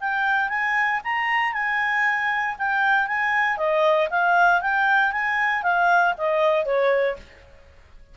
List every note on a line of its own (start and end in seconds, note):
0.00 0.49 G5
0.49 1.00 G#5
1.04 1.53 A#5
1.53 2.56 G#5
2.59 3.07 G5
3.07 3.57 G#5
3.57 4.09 D#5
4.10 4.61 F5
4.61 5.12 G5
5.12 5.63 G#5
5.63 6.14 F5
6.18 6.65 D#5
6.65 7.17 C#5